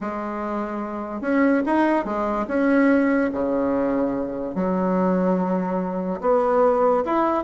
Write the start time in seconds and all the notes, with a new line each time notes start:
0.00 G#3
1.21 C#4
1.66 D#4
2.04 G#3
2.47 C#4
3.32 C#3
4.54 F#3
6.21 B3
7.05 E4